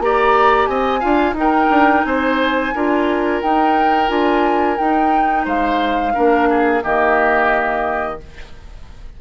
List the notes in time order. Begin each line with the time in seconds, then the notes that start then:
0.00 A#3 G4 D5 A#5
0.67 C4 D#5 G#5
1.00 D4 F4 F5
1.34 D#4 G5
1.40 A#4
1.70 D4
2.05 C4 C5 G#5
2.75 D4 F4 A#4
3.42 D#4 G5
4.08 D4 F4 G#5
4.78 D#4 G5
5.45 G#3 C5 F5
6.14 A#3 D4 A#4
6.50 G#4
6.82 D#3 A#3 G4 D#5